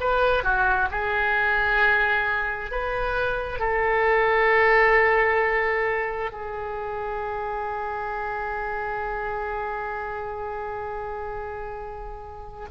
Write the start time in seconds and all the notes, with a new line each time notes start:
0.00 B4
0.43 F#4
0.90 G#4
2.71 B4
3.60 A4
6.32 G#4